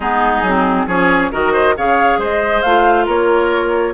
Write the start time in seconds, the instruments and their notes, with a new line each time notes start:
0.00 bassoon G#3, clarinet B3, oboe D#4, flute G#4
0.42 bassoon F#3, clarinet C4
0.86 bassoon F3, clarinet C#4, oboe G#4, flute C#5
1.31 bassoon D#3, clarinet F#4, oboe A#4, flute D#5
1.52 oboe C5
1.77 bassoon C#3, clarinet G#4, oboe C#5, flute F5
2.18 bassoon G#3, oboe C5, flute D#5
2.62 bassoon A3, clarinet F4, flute F5
3.05 bassoon A#3, oboe A#4, flute C#5